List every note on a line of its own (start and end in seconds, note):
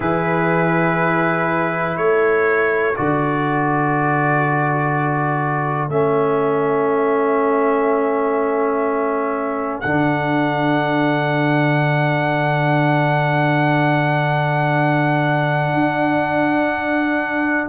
0.00 1.96 E3
0.00 2.94 E4
0.00 1.95 G#4
0.00 1.97 B4
1.95 2.94 A3
1.95 17.68 A4
1.95 2.95 C#5
2.96 5.88 D3
2.96 5.89 F#4
2.96 5.89 D5
5.88 9.82 A3
5.88 9.83 C#4
5.88 9.80 E5
9.80 15.73 D3
9.80 17.68 D4
9.80 17.67 F#5
15.73 17.68 D4